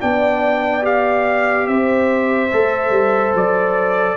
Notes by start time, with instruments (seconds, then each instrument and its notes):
0.00 tuba B3, trombone D4, horn D5, trumpet G5
0.82 trombone G4, trumpet F5
1.66 tuba C4, horn C5, trumpet E5
2.53 tuba A3, trombone A4
2.90 tuba G3
3.34 tuba F#3, trumpet D5